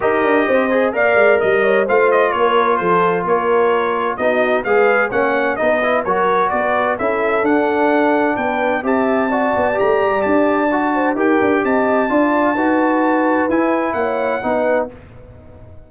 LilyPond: <<
  \new Staff \with { instrumentName = "trumpet" } { \time 4/4 \tempo 4 = 129 dis''2 f''4 dis''4 | f''8 dis''8 cis''4 c''4 cis''4~ | cis''4 dis''4 f''4 fis''4 | dis''4 cis''4 d''4 e''4 |
fis''2 g''4 a''4~ | a''4 ais''4 a''2 | g''4 a''2.~ | a''4 gis''4 fis''2 | }
  \new Staff \with { instrumentName = "horn" } { \time 4/4 ais'4 c''4 d''4 dis''8 cis''8 | c''4 ais'4 a'4 ais'4~ | ais'4 fis'4 b'4 cis''4 | b'4 ais'4 b'4 a'4~ |
a'2 b'4 e''4 | d''2.~ d''8 c''8 | ais'4 dis''4 d''4 b'4~ | b'2 cis''4 b'4 | }
  \new Staff \with { instrumentName = "trombone" } { \time 4/4 g'4. gis'8 ais'2 | f'1~ | f'4 dis'4 gis'4 cis'4 | dis'8 e'8 fis'2 e'4 |
d'2. g'4 | fis'4 g'2 fis'4 | g'2 f'4 fis'4~ | fis'4 e'2 dis'4 | }
  \new Staff \with { instrumentName = "tuba" } { \time 4/4 dis'8 d'8 c'4 ais8 gis8 g4 | a4 ais4 f4 ais4~ | ais4 b4 gis4 ais4 | b4 fis4 b4 cis'4 |
d'2 b4 c'4~ | c'8 b8 a8 g8 d'2 | dis'8 d'8 c'4 d'4 dis'4~ | dis'4 e'4 ais4 b4 | }
>>